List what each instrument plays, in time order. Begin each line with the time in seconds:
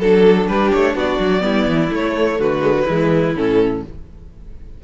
0.00 cello F#3, viola D4, violin A4
0.48 cello G3, violin G4 B4
0.73 cello A3, violin C#5
0.95 cello B3, violin F#4 D5
1.20 cello F#3
1.41 cello G3, viola B3, violin E4
1.67 cello E3
1.91 viola A3, cello A3, violin C#5
2.39 cello D3, violin F#4 B4
2.62 viola G#3
2.74 viola F#3
2.85 cello E3, viola G#3, violin E4
3.35 cello A2, viola C#4, violin A4